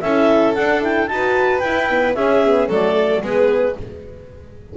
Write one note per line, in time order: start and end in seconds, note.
0.00 0.56 C#4
0.00 0.56 E4
0.00 1.10 A4
0.00 0.54 E5
0.54 0.81 D4
0.54 1.09 D4
0.54 0.81 F#5
0.81 1.08 E4
0.81 1.07 G5
1.07 1.63 D#4
1.07 1.62 F#4
1.07 1.59 A5
1.13 2.15 B4
1.59 2.15 E4
1.59 1.90 E4
1.59 2.13 G5
1.90 2.16 B3
2.14 2.68 C#4
2.14 2.43 C#4
2.14 2.69 G#4
2.14 2.68 E5
2.44 2.70 B3
2.68 3.22 F#3
2.68 3.23 A3
2.68 3.22 A4
2.68 3.23 D5
3.22 3.75 G#3
3.22 3.76 B3
3.22 3.76 G#4
3.22 3.77 B4